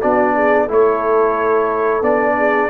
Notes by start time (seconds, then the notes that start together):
0.00 B3 D4 F#4 D5
0.34 G#4
0.65 A3 E4 A4
0.72 C#5
2.02 B3 D4 D5
2.37 G#4